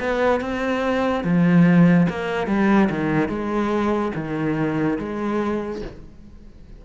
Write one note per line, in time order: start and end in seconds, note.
0.00 0.41 B3
0.41 1.24 C4
1.24 2.07 F3
2.09 2.47 A#3
2.47 2.89 G3
2.90 3.29 D#3
3.29 4.12 G#3
4.15 4.98 D#3
4.99 5.82 G#3